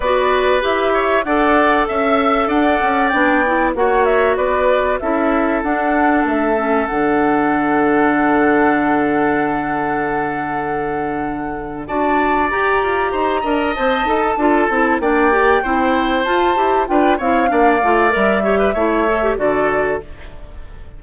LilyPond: <<
  \new Staff \with { instrumentName = "flute" } { \time 4/4 \tempo 4 = 96 d''4 e''4 fis''4 e''4 | fis''4 g''4 fis''8 e''8 d''4 | e''4 fis''4 e''4 fis''4~ | fis''1~ |
fis''2. a''4 | ais''2 a''2 | g''2 a''4 g''8 f''8~ | f''4 e''2 d''4 | }
  \new Staff \with { instrumentName = "oboe" } { \time 4/4 b'4. cis''8 d''4 e''4 | d''2 cis''4 b'4 | a'1~ | a'1~ |
a'2. d''4~ | d''4 c''8 dis''4. a'4 | d''4 c''2 b'8 cis''8 | d''4. cis''16 b'16 cis''4 a'4 | }
  \new Staff \with { instrumentName = "clarinet" } { \time 4/4 fis'4 g'4 a'2~ | a'4 d'8 e'8 fis'2 | e'4 d'4. cis'8 d'4~ | d'1~ |
d'2. fis'4 | g'4. ais'8 c''8 a'8 f'8 e'8 | d'8 g'8 e'4 f'8 g'8 f'8 e'8 | d'8 f'8 ais'8 g'8 e'8 a'16 g'16 fis'4 | }
  \new Staff \with { instrumentName = "bassoon" } { \time 4/4 b4 e'4 d'4 cis'4 | d'8 cis'8 b4 ais4 b4 | cis'4 d'4 a4 d4~ | d1~ |
d2. d'4 | g'8 f'8 dis'8 d'8 c'8 dis'8 d'8 c'8 | ais4 c'4 f'8 e'8 d'8 c'8 | ais8 a8 g4 a4 d4 | }
>>